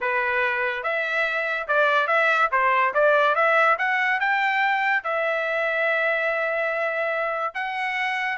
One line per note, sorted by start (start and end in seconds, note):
0.00 0.83 B4
0.83 1.67 E5
1.67 2.07 D5
2.07 2.49 E5
2.51 2.93 C5
2.94 3.35 D5
3.35 3.76 E5
3.78 4.20 F#5
4.20 5.03 G5
5.03 7.54 E5
7.54 8.37 F#5